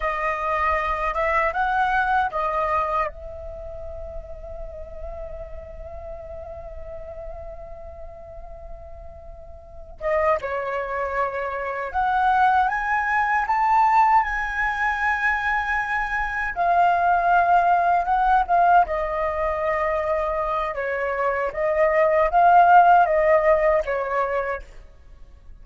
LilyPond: \new Staff \with { instrumentName = "flute" } { \time 4/4 \tempo 4 = 78 dis''4. e''8 fis''4 dis''4 | e''1~ | e''1~ | e''4 dis''8 cis''2 fis''8~ |
fis''8 gis''4 a''4 gis''4.~ | gis''4. f''2 fis''8 | f''8 dis''2~ dis''8 cis''4 | dis''4 f''4 dis''4 cis''4 | }